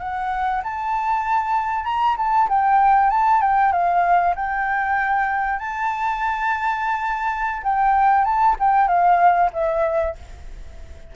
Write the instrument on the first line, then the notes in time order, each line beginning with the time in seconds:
flute
0.00 F#5
0.64 A5
1.85 A#5
2.18 A5
2.49 G5
3.11 A5
3.42 G5
3.73 F5
4.36 G5
5.60 A5
7.64 G5
8.25 A5
8.60 G5
8.88 F5
9.53 E5